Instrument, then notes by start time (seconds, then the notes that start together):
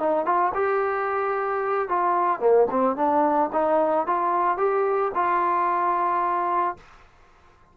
trombone
0.00 D#4
0.26 F4
0.55 G4
1.89 F4
2.41 A#3
2.71 C4
2.97 D4
3.53 D#4
4.07 F4
4.58 G4
5.15 F4